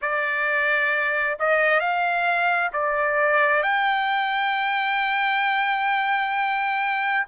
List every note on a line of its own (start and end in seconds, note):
0.01 1.38 D5
1.39 1.79 D#5
1.79 2.70 F5
2.73 3.62 D5
3.62 7.26 G5